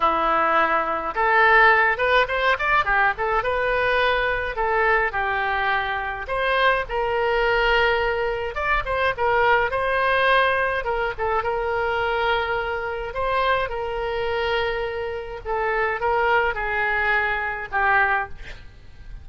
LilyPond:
\new Staff \with { instrumentName = "oboe" } { \time 4/4 \tempo 4 = 105 e'2 a'4. b'8 | c''8 d''8 g'8 a'8 b'2 | a'4 g'2 c''4 | ais'2. d''8 c''8 |
ais'4 c''2 ais'8 a'8 | ais'2. c''4 | ais'2. a'4 | ais'4 gis'2 g'4 | }